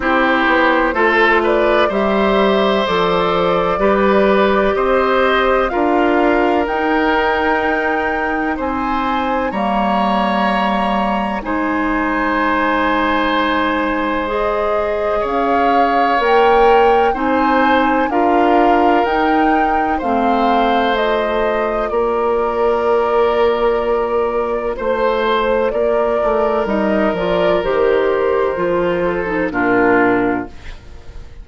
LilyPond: <<
  \new Staff \with { instrumentName = "flute" } { \time 4/4 \tempo 4 = 63 c''4. d''8 e''4 d''4~ | d''4 dis''4 f''4 g''4~ | g''4 gis''4 ais''2 | gis''2. dis''4 |
f''4 g''4 gis''4 f''4 | g''4 f''4 dis''4 d''4~ | d''2 c''4 d''4 | dis''8 d''8 c''2 ais'4 | }
  \new Staff \with { instrumentName = "oboe" } { \time 4/4 g'4 a'8 b'8 c''2 | b'4 c''4 ais'2~ | ais'4 c''4 cis''2 | c''1 |
cis''2 c''4 ais'4~ | ais'4 c''2 ais'4~ | ais'2 c''4 ais'4~ | ais'2~ ais'8 a'8 f'4 | }
  \new Staff \with { instrumentName = "clarinet" } { \time 4/4 e'4 f'4 g'4 a'4 | g'2 f'4 dis'4~ | dis'2 ais2 | dis'2. gis'4~ |
gis'4 ais'4 dis'4 f'4 | dis'4 c'4 f'2~ | f'1 | dis'8 f'8 g'4 f'8. dis'16 d'4 | }
  \new Staff \with { instrumentName = "bassoon" } { \time 4/4 c'8 b8 a4 g4 f4 | g4 c'4 d'4 dis'4~ | dis'4 c'4 g2 | gis1 |
cis'4 ais4 c'4 d'4 | dis'4 a2 ais4~ | ais2 a4 ais8 a8 | g8 f8 dis4 f4 ais,4 | }
>>